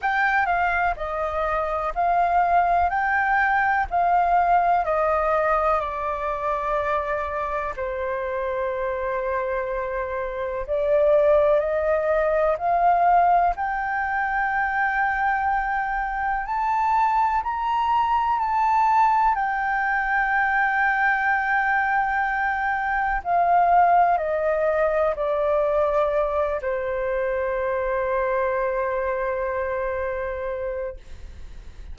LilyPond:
\new Staff \with { instrumentName = "flute" } { \time 4/4 \tempo 4 = 62 g''8 f''8 dis''4 f''4 g''4 | f''4 dis''4 d''2 | c''2. d''4 | dis''4 f''4 g''2~ |
g''4 a''4 ais''4 a''4 | g''1 | f''4 dis''4 d''4. c''8~ | c''1 | }